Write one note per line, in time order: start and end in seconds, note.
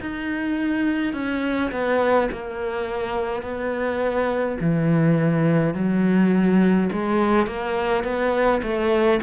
0.00 1.13 D#4
1.13 1.71 C#4
1.71 2.29 B3
2.31 3.42 A#3
3.42 4.57 B3
4.60 5.74 E3
5.74 6.89 F#3
6.92 7.46 G#3
7.46 8.03 A#3
8.03 8.61 B3
8.62 9.20 A3